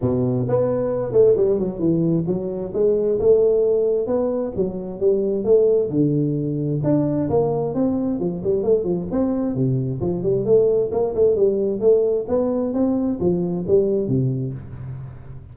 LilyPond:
\new Staff \with { instrumentName = "tuba" } { \time 4/4 \tempo 4 = 132 b,4 b4. a8 g8 fis8 | e4 fis4 gis4 a4~ | a4 b4 fis4 g4 | a4 d2 d'4 |
ais4 c'4 f8 g8 a8 f8 | c'4 c4 f8 g8 a4 | ais8 a8 g4 a4 b4 | c'4 f4 g4 c4 | }